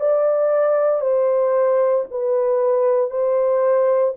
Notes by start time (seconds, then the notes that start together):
0.00 D5
1.01 C5
2.11 B4
3.10 C5